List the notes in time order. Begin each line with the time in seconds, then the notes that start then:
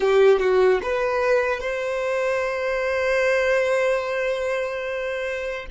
0.00 G4
0.39 F#4
0.82 B4
1.60 C5